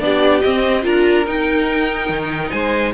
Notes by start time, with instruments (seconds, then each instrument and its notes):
0.00 cello B3, viola D4, violin G4 D5
0.42 viola C4, cello C4, violin D#5
0.82 cello D4, viola F4, violin A#4 A#5
1.27 viola D#4, cello D#4, violin G5
2.10 cello D#3
2.51 cello G#3, violin C5 G#5